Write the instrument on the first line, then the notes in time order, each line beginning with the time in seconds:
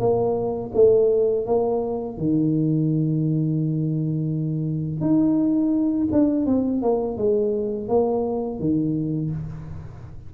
tuba
0.00 A#3
0.75 A3
1.46 A#3
2.18 D#3
5.01 D#4
6.12 D4
6.46 C4
6.82 A#3
7.18 G#3
7.89 A#3
8.60 D#3